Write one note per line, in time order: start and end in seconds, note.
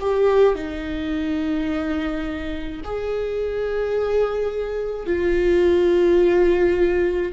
0.00 0.55 G4
0.55 2.81 D#4
2.84 5.06 G#4
5.06 7.33 F4